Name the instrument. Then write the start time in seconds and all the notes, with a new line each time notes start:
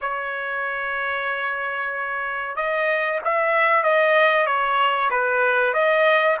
trumpet
0.01 C#5
2.55 D#5
3.24 E5
3.83 D#5
4.46 C#5
5.10 B4
5.73 D#5